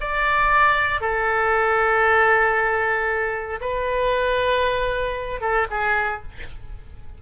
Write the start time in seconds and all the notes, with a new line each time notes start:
0.00 D5
1.01 A4
3.61 B4
5.41 A4
5.70 G#4